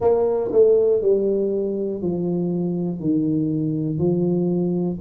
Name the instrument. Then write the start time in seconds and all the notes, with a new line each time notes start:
tuba
0.00 A#3
0.51 A3
1.01 G3
2.01 F3
3.00 D#3
3.98 F3